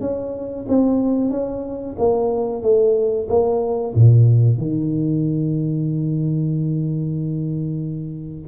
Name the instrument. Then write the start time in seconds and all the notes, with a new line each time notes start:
tuba
0.00 C#4
0.68 C4
1.30 C#4
1.98 A#3
2.62 A3
3.28 A#3
3.95 A#2
4.57 D#3